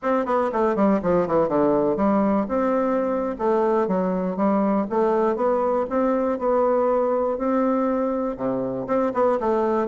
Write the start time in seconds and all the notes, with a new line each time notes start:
0.02 C4
0.25 B3
0.52 A3
0.75 G3
1.02 F3
1.27 E3
1.48 D3
1.96 G3
2.48 C4
3.38 A3
3.87 F#3
4.36 G3
4.90 A3
5.35 B3
5.89 C4
6.38 B3
7.38 C4
8.36 C3
8.87 C4
9.13 B3
9.40 A3